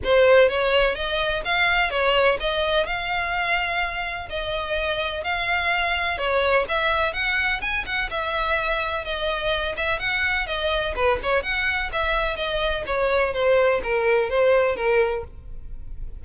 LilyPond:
\new Staff \with { instrumentName = "violin" } { \time 4/4 \tempo 4 = 126 c''4 cis''4 dis''4 f''4 | cis''4 dis''4 f''2~ | f''4 dis''2 f''4~ | f''4 cis''4 e''4 fis''4 |
gis''8 fis''8 e''2 dis''4~ | dis''8 e''8 fis''4 dis''4 b'8 cis''8 | fis''4 e''4 dis''4 cis''4 | c''4 ais'4 c''4 ais'4 | }